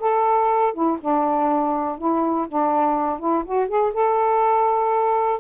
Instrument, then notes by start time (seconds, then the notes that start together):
saxophone
0.00 A4
0.74 E4
1.01 D4
1.98 E4
2.48 D4
3.19 E4
3.45 F#4
3.68 G#4
3.93 A4